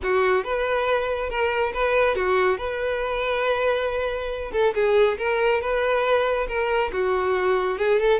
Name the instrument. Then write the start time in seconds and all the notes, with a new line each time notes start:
violin
0.02 F#4
0.44 B4
1.29 A#4
1.73 B4
2.15 F#4
2.57 B4
4.52 A4
4.74 G#4
5.18 A#4
5.61 B4
6.48 A#4
6.92 F#4
7.78 G#4
7.99 A4